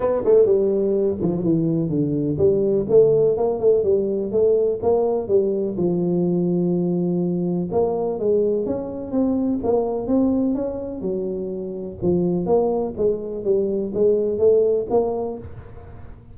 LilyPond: \new Staff \with { instrumentName = "tuba" } { \time 4/4 \tempo 4 = 125 b8 a8 g4. f8 e4 | d4 g4 a4 ais8 a8 | g4 a4 ais4 g4 | f1 |
ais4 gis4 cis'4 c'4 | ais4 c'4 cis'4 fis4~ | fis4 f4 ais4 gis4 | g4 gis4 a4 ais4 | }